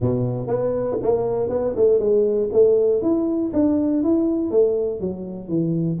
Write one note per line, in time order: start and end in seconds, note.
0.00 0.47 B2
0.47 0.97 B3
1.02 1.49 A#3
1.49 1.74 B3
1.75 1.99 A3
1.99 2.49 G#3
2.52 3.01 A3
3.01 3.51 E4
3.52 4.02 D4
4.02 4.50 E4
4.50 5.00 A3
5.00 5.48 F#3
5.48 5.98 E3